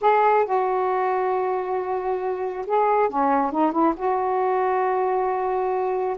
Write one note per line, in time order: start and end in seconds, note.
0.01 0.45 G#4
0.45 2.65 F#4
2.66 3.09 G#4
3.09 3.51 C#4
3.51 3.72 D#4
3.72 3.94 E4
3.96 6.16 F#4